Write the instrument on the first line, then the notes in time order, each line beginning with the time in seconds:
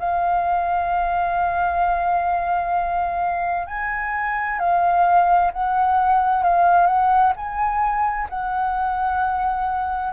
flute
0.00 F5
3.67 G#5
4.59 F5
5.53 F#5
6.43 F5
6.87 F#5
7.36 G#5
8.30 F#5